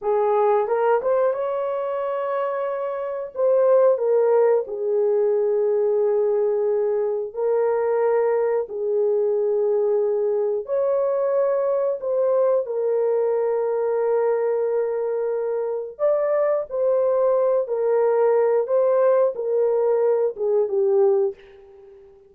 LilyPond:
\new Staff \with { instrumentName = "horn" } { \time 4/4 \tempo 4 = 90 gis'4 ais'8 c''8 cis''2~ | cis''4 c''4 ais'4 gis'4~ | gis'2. ais'4~ | ais'4 gis'2. |
cis''2 c''4 ais'4~ | ais'1 | d''4 c''4. ais'4. | c''4 ais'4. gis'8 g'4 | }